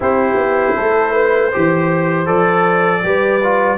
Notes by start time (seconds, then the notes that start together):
0.00 C4 E4 G4 C5
0.34 B3
0.76 A3 A4
1.12 B4
1.49 G4 C5
1.56 E3
2.26 F3 A4 D5
3.03 G3 G4 B4
3.43 F4